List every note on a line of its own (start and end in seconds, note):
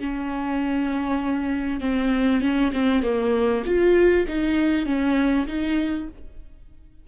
0.00 1.81 C#4
1.81 2.41 C4
2.41 2.72 C#4
2.73 3.03 C4
3.03 3.64 A#3
3.66 4.27 F4
4.28 4.86 D#4
4.86 5.47 C#4
5.48 6.08 D#4